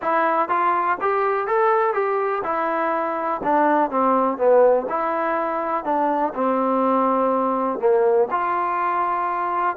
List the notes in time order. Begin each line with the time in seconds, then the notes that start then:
0.01 E4
0.48 F4
1.00 G4
1.47 A4
1.93 G4
2.43 E4
3.43 D4
3.90 C4
4.37 B3
4.89 E4
5.84 D4
6.34 C4
7.79 A#3
8.30 F4